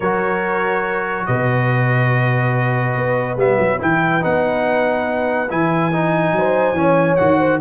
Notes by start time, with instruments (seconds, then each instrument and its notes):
0.00 tuba F#3, trombone F#4, horn A#4, trumpet C#5
1.26 tuba B2, horn B4, trumpet D#5
2.95 tuba B3
3.36 tuba G3, trombone B3, trumpet E5
3.58 tuba F#3
3.79 tuba E3, trombone E4, trumpet G5
4.21 tuba B3, trombone D#4, trumpet F#5
5.49 tuba E3, trombone E4, trumpet G#5
5.92 trombone D#4
6.32 tuba F#3, horn C5
6.73 tuba E3, trombone C#4
6.80 horn C#5
7.16 tuba D#3, trombone F#4, trumpet F#5
7.38 horn C5